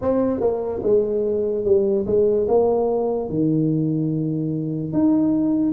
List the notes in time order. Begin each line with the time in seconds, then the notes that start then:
0.01 C4
0.40 A#3
0.82 G#3
1.64 G3
2.06 G#3
2.48 A#3
3.29 D#3
4.92 D#4